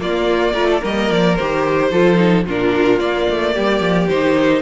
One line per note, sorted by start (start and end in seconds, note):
0.00 0.55 A#3
0.00 0.54 A#3
0.00 0.53 F4
0.00 0.84 D5
0.53 0.81 A3
0.53 0.82 F4
0.53 0.67 A#4
0.70 0.80 A4
0.80 1.10 G3
0.80 1.36 A#3
0.80 1.89 A#4
0.80 1.12 D#5
1.10 1.38 F3
1.10 1.36 D5
1.36 1.92 D#3
1.36 1.91 G4
1.36 2.45 C5
1.91 2.46 F3
1.91 2.16 F4
1.91 2.46 A4
2.16 2.43 D#4
2.46 2.99 A#2
2.46 3.00 D4
2.46 3.54 F4
2.46 3.00 A#4
2.99 3.27 A#3
2.99 4.09 A#3
2.99 4.08 D5
3.30 3.57 A3
3.54 3.81 G3
3.54 4.62 G4
3.81 4.08 F3
4.08 4.62 D#3
4.08 4.62 D#4
4.08 4.62 C5